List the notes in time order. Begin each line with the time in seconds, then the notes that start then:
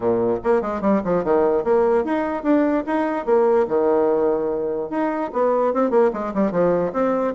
0.00 A#2
0.43 A#3
0.61 G#3
0.81 G3
1.04 F3
1.24 D#3
1.63 A#3
2.04 D#4
2.43 D4
2.86 D#4
3.25 A#3
3.68 D#3
4.90 D#4
5.33 B3
5.73 C4
5.90 A#3
6.13 G#3
6.34 G3
6.51 F3
6.92 C4